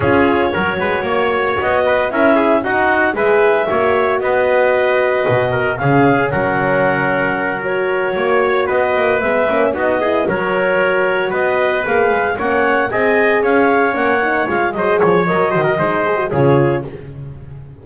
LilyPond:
<<
  \new Staff \with { instrumentName = "clarinet" } { \time 4/4 \tempo 4 = 114 cis''2. dis''4 | e''4 fis''4 e''2 | dis''2. f''4 | fis''2~ fis''8 cis''4.~ |
cis''8 dis''4 e''4 dis''4 cis''8~ | cis''4. dis''4 f''4 fis''8~ | fis''8 gis''4 f''4 fis''4 f''8 | dis''8 cis''8 dis''2 cis''4 | }
  \new Staff \with { instrumentName = "trumpet" } { \time 4/4 gis'4 ais'8 b'8 cis''4. b'8 | ais'8 gis'8 fis'4 b'4 cis''4 | b'2~ b'8 ais'8 gis'4 | ais'2.~ ais'8 cis''8~ |
cis''8 b'2 fis'8 gis'8 ais'8~ | ais'4. b'2 cis''8~ | cis''8 dis''4 cis''2~ cis''8 | c''8 cis''4 c''16 ais'16 c''4 gis'4 | }
  \new Staff \with { instrumentName = "horn" } { \time 4/4 f'4 fis'2. | e'4 dis'4 gis'4 fis'4~ | fis'2. cis'4~ | cis'2~ cis'8 fis'4.~ |
fis'4. b8 cis'8 dis'8 e'8 fis'8~ | fis'2~ fis'8 gis'4 cis'8~ | cis'8 gis'2 cis'8 dis'8 f'8 | gis'4 ais'8 fis'8 dis'8 gis'16 fis'16 f'4 | }
  \new Staff \with { instrumentName = "double bass" } { \time 4/4 cis'4 fis8 gis8 ais4 b4 | cis'4 dis'4 gis4 ais4 | b2 b,4 cis4 | fis2.~ fis8 ais8~ |
ais8 b8 ais8 gis8 ais8 b4 fis8~ | fis4. b4 ais8 gis8 ais8~ | ais8 c'4 cis'4 ais4 gis8 | fis8 f8 fis8 dis8 gis4 cis4 | }
>>